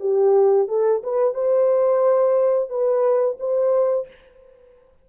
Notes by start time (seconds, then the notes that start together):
0.00 G4
0.68 A4
1.03 B4
1.34 C5
2.69 B4
3.39 C5